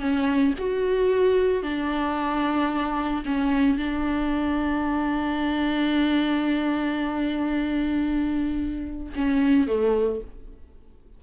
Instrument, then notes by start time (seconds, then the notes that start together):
viola
0.00 C#4
0.58 F#4
1.63 D4
3.25 C#4
3.77 D4
9.15 C#4
9.67 A3